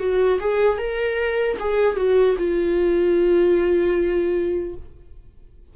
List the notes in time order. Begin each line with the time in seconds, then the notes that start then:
0.00 F#4
0.41 G#4
0.78 A#4
1.60 G#4
1.97 F#4
2.38 F4